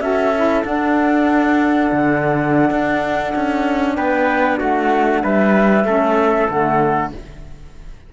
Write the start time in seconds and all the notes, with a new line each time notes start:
0.00 C#4 F#4 A4 E5
0.35 E4
0.63 D4 F#5
1.91 D3
2.70 D4
3.35 C#4
3.94 B3 B4 G5
4.58 A3 F#4 F#5
5.23 G3 B4 E5
5.84 A3 C#4 A4
6.48 D3 A3 F#5